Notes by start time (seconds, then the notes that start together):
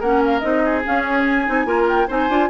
0.00 A#3 C#4 A#4 F#5
0.26 F5
0.39 C4 D#4 D#5
0.65 G#4
0.84 C#4 F5
1.02 C#5
1.24 G#5
1.46 C4 D#4
1.65 A#3 F4 A#4
1.88 G5
2.08 C4 D#4 C5 G#5
2.29 D4 F4